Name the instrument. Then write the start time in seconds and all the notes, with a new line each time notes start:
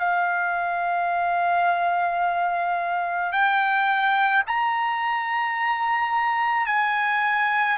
trumpet
0.00 F5
3.33 G5
4.47 A#5
6.67 G#5